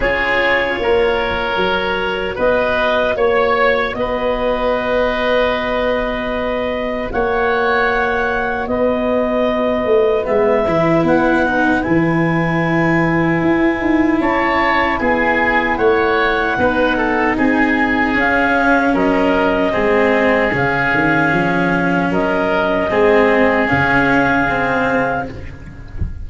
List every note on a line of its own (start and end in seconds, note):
0.00 0.78 C#4
0.00 1.59 F4
0.00 0.79 G#4
0.00 2.37 C#5
0.78 1.56 A#3
0.78 2.35 A#4
1.56 2.35 F#3
1.56 10.25 F#4
2.35 3.16 B3
2.35 3.14 B4
2.35 3.17 D#5
3.16 3.93 A#3
3.16 3.95 C#5
3.16 3.93 C#5
3.93 7.09 B3
3.93 7.13 B4
3.93 7.09 D#5
7.11 8.67 A#3
7.11 8.69 C#5
7.11 8.67 F#5
8.67 9.85 B3
8.67 14.20 B4
8.67 10.25 D#5
9.85 10.24 A3
10.25 10.67 G#3
10.25 10.64 B3
10.25 11.04 E5
10.67 11.03 E3
10.67 11.46 E4
11.03 11.82 B3
11.03 11.83 F#5
11.46 11.83 D#4
11.83 13.42 E3
11.83 16.57 E4
11.83 14.19 G#5
13.42 13.80 E4
13.80 14.20 D#4
14.20 14.99 C#4
14.20 14.99 C#5
14.20 14.98 A5
14.98 15.78 B3
14.98 15.77 G#4
14.98 15.77 G#5
15.77 16.57 A3
15.77 16.56 C#5
15.77 17.35 F#5
16.57 17.36 B3
16.57 18.14 D#4
16.57 16.97 B4
16.97 17.36 A4
17.37 18.15 C4
17.37 18.93 G#4
17.37 18.17 G#5
18.14 19.72 C#4
18.14 18.94 C#4
18.14 18.95 F5
18.93 19.73 F#3
18.93 19.72 A#4
18.93 20.53 D#5
19.72 20.53 G#3
19.72 20.50 C4
19.72 22.09 G#4
20.52 20.92 C#3
20.52 22.89 C#4
20.52 22.12 F5
20.93 21.31 D#3
21.31 22.10 F3
22.10 22.89 F#3
22.10 22.90 A#4
22.10 23.68 D#5
22.90 23.69 G#3
22.90 23.68 C4
22.90 25.27 G#4
23.68 25.29 C#3
23.68 24.47 C#4
23.68 25.25 F5
24.49 25.28 C4